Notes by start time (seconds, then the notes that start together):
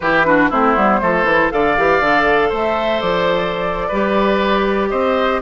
0.00 E3 E4 G4 B4
0.25 D4 F#4
0.49 A3 C4 E4 C5
0.75 G3 B3
0.99 F3 A3 A4
1.23 E3 E4
1.50 D3 A4 D5 F5
1.77 E3 G4
2.00 D3 A4
2.49 A3 C5 E5
3.00 F3 D5
3.88 G3 G4 B4
4.89 C4 C5 D#5